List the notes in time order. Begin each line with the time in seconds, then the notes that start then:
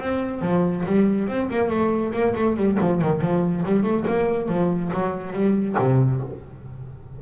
0.00 C4
0.42 F3
0.86 G3
1.28 C4
1.51 A#3
1.70 A3
2.13 A#3
2.36 A3
2.57 G3
2.81 F3
3.02 D#3
3.21 F3
3.66 G3
3.83 A3
4.08 A#3
4.49 F3
4.94 F#3
5.33 G3
5.79 C3